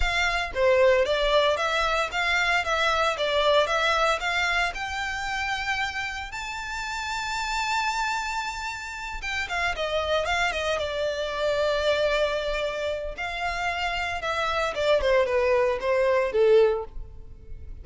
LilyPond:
\new Staff \with { instrumentName = "violin" } { \time 4/4 \tempo 4 = 114 f''4 c''4 d''4 e''4 | f''4 e''4 d''4 e''4 | f''4 g''2. | a''1~ |
a''4. g''8 f''8 dis''4 f''8 | dis''8 d''2.~ d''8~ | d''4 f''2 e''4 | d''8 c''8 b'4 c''4 a'4 | }